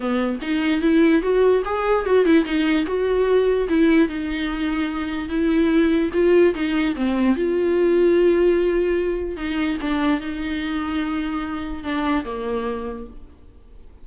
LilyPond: \new Staff \with { instrumentName = "viola" } { \time 4/4 \tempo 4 = 147 b4 dis'4 e'4 fis'4 | gis'4 fis'8 e'8 dis'4 fis'4~ | fis'4 e'4 dis'2~ | dis'4 e'2 f'4 |
dis'4 c'4 f'2~ | f'2. dis'4 | d'4 dis'2.~ | dis'4 d'4 ais2 | }